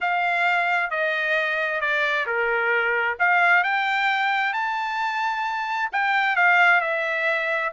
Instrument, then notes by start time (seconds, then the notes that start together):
trumpet
0.01 F5
0.90 D#5
1.80 D5
2.26 A#4
3.19 F5
3.63 G5
4.53 A5
5.92 G5
6.36 F5
6.81 E5